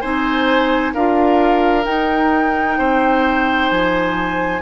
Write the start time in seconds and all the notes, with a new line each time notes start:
0.00 C4 D#4 C5 G#5
0.94 D4 F4 A#4 F5
1.83 D#4 G5
2.78 C4 C5
3.69 F3 G#5